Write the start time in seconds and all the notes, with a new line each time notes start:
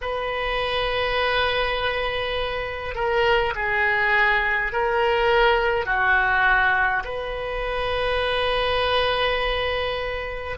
0.01 B4
2.94 A#4
3.55 G#4
4.72 A#4
5.85 F#4
7.04 B4